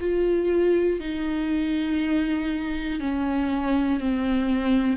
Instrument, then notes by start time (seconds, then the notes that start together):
viola
0.00 F4
1.00 D#4
3.00 C#4
4.00 C4